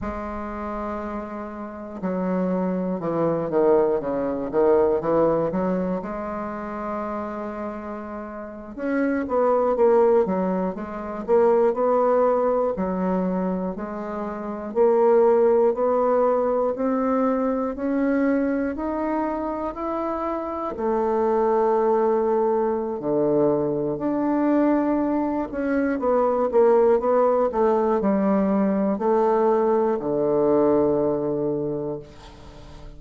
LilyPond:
\new Staff \with { instrumentName = "bassoon" } { \time 4/4 \tempo 4 = 60 gis2 fis4 e8 dis8 | cis8 dis8 e8 fis8 gis2~ | gis8. cis'8 b8 ais8 fis8 gis8 ais8 b16~ | b8. fis4 gis4 ais4 b16~ |
b8. c'4 cis'4 dis'4 e'16~ | e'8. a2~ a16 d4 | d'4. cis'8 b8 ais8 b8 a8 | g4 a4 d2 | }